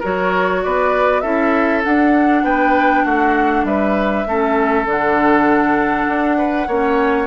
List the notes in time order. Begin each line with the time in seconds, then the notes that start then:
0.00 F#3 F#4 A#4 C#5
0.63 B3 B4 D5
1.21 C#4 E4 A4 E5
1.84 D4 F#5
2.44 B3 B4 G5
3.05 A3 F#4 F#5
3.64 G3 B4 E5
4.26 A3 C#4 A4
4.86 D3 D4 F#5
6.08 D4
6.38 B4
6.67 A#3 C#4 C#5